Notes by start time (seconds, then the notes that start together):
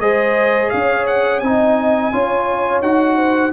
0.00 G#3 G#4 C5 D#5
0.70 C#4 C#5 F5
1.07 F#5
1.40 C4 D#4 D#5 G#5
2.13 C#4 F4 C#5
2.82 D#4 F#4 F#5
3.17 C5